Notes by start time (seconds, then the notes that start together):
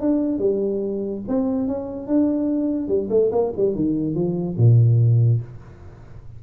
0.00 D4
0.38 G3
1.28 C4
1.67 C#4
2.07 D4
2.88 G3
3.10 A3
3.31 A#3
3.56 G3
3.75 D#3
4.15 F3
4.57 A#2